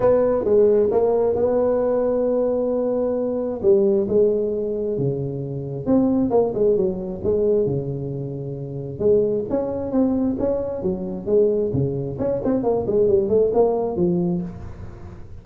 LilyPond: \new Staff \with { instrumentName = "tuba" } { \time 4/4 \tempo 4 = 133 b4 gis4 ais4 b4~ | b1 | g4 gis2 cis4~ | cis4 c'4 ais8 gis8 fis4 |
gis4 cis2. | gis4 cis'4 c'4 cis'4 | fis4 gis4 cis4 cis'8 c'8 | ais8 gis8 g8 a8 ais4 f4 | }